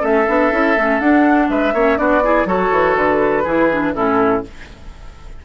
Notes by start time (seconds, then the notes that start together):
0.00 A3 C#4 A4 E5
0.28 B3 D4
0.52 C#4 E4
0.77 A3 C#4
1.00 D4 F#5
1.49 G#3 B4 E5
1.73 A#3 C#4 C#5
1.96 B3 D4 F#4 D5
2.23 E4 G#4
2.45 F#3 F#4 A4 C#5
2.71 E3
2.96 D3 B4
3.43 E3 E4 G#4
3.71 D4
3.94 A2 C#4 E4 A4